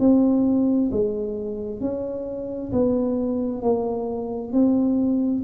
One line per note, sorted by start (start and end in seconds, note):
0.00 0.91 C4
0.91 1.81 G#3
1.81 2.72 C#4
2.72 3.62 B3
3.62 4.53 A#3
4.53 5.44 C4